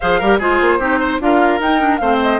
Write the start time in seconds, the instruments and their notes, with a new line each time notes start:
0.00 bassoon F3, clarinet G#4, oboe C5, flute F5
0.19 bassoon G3, clarinet G4, oboe A#4
0.39 bassoon G#3, clarinet F4, oboe G#4, flute C5
0.61 bassoon A#3
0.79 bassoon C4, clarinet D#4, oboe G4
0.99 oboe C5
1.20 bassoon D4, clarinet F4, oboe A#4, flute F5
1.59 bassoon D#4, clarinet D#4, flute G5
1.79 clarinet D4
1.97 bassoon A3, clarinet C4, oboe C5, flute F5
2.21 flute D#5